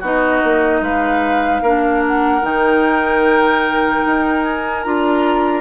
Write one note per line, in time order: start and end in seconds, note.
0.00 0.42 B3
0.00 1.64 D#4
0.00 0.80 F#4
0.00 0.84 D#5
0.44 0.81 A#3
0.81 1.61 G#3
0.81 1.62 B4
0.81 2.04 F5
1.62 2.42 A#3
1.62 2.42 D4
1.62 5.61 A#4
2.07 2.45 F#5
2.42 4.03 D#3
2.42 4.82 D#4
2.42 4.43 G5
4.06 4.86 D#4
4.43 4.83 G#5
4.83 5.61 D4
4.83 5.61 F4
4.83 5.61 A#5